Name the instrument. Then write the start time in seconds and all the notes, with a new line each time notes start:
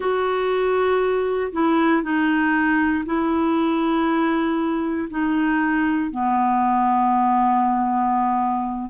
clarinet
0.00 F#4
1.52 E4
2.02 D#4
3.05 E4
5.10 D#4
6.10 B3